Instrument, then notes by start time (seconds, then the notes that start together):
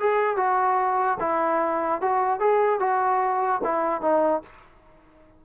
trombone
0.00 G#4
0.37 F#4
1.20 E4
2.02 F#4
2.40 G#4
2.80 F#4
3.64 E4
4.02 D#4